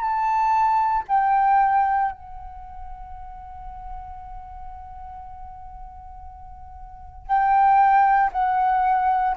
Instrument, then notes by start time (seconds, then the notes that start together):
flute
0.00 A5
1.08 G5
2.11 F#5
7.27 G5
8.32 F#5